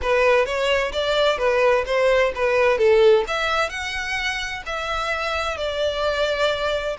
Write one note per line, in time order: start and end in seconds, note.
0.01 0.45 B4
0.45 0.92 C#5
0.92 1.38 D5
1.38 1.84 B4
1.85 2.32 C5
2.35 2.77 B4
2.77 3.24 A4
3.27 3.69 E5
3.69 4.62 F#5
4.66 5.57 E5
5.57 6.96 D5